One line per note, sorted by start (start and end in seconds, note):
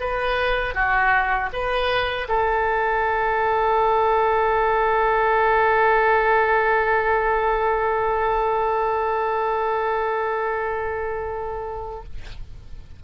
0.00 0.75 B4
0.75 1.50 F#4
1.53 2.28 B4
2.28 12.03 A4